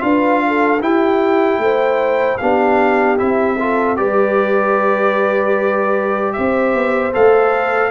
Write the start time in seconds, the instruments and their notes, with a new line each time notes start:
0.00 tuba D4, trombone F4, horn B4, trumpet F5
0.48 horn A4
0.81 trombone E4, tuba E4, horn G4, trumpet G5
1.59 tuba A3, horn C5
2.38 tuba B3, trombone D4, horn G4, trumpet F5
3.18 tuba C4, trombone E4, trumpet E5
3.59 trombone F4, horn A4
3.97 tuba G3, trombone G4, horn B4, trumpet D5
6.33 tuba C4, horn C5, trumpet E5
6.74 tuba B3
7.13 tuba A3, trombone A4, trumpet F5